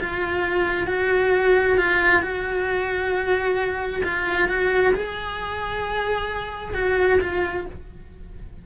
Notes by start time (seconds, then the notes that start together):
0.00 F4
0.87 F#4
1.77 F4
2.21 F#4
4.04 F4
4.48 F#4
4.94 G#4
6.74 F#4
7.20 F4